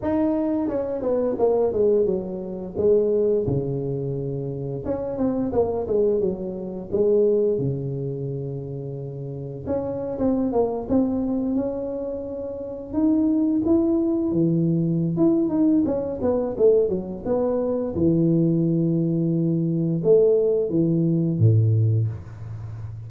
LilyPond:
\new Staff \with { instrumentName = "tuba" } { \time 4/4 \tempo 4 = 87 dis'4 cis'8 b8 ais8 gis8 fis4 | gis4 cis2 cis'8 c'8 | ais8 gis8 fis4 gis4 cis4~ | cis2 cis'8. c'8 ais8 c'16~ |
c'8. cis'2 dis'4 e'16~ | e'8. e4~ e16 e'8 dis'8 cis'8 b8 | a8 fis8 b4 e2~ | e4 a4 e4 a,4 | }